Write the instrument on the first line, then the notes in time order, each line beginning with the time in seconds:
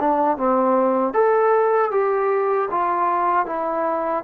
trombone
0.00 D4
0.37 C4
1.14 A4
1.91 G4
2.71 F4
3.46 E4